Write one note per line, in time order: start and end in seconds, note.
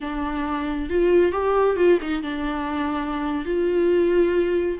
0.00 0.89 D4
0.89 1.32 F4
1.32 1.76 G4
1.76 1.98 F4
2.01 2.22 D#4
2.22 3.45 D4
3.45 4.78 F4